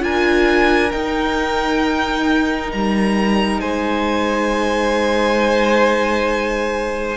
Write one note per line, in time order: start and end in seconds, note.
0.00 0.93 D4
0.00 0.90 F4
0.00 3.61 A#4
0.00 0.92 G#5
0.92 7.17 D#4
0.92 2.73 D#4
0.92 2.71 G5
2.72 3.62 G3
2.72 3.61 A#5
3.61 7.17 G#3
3.61 7.17 C5
3.61 7.17 G#5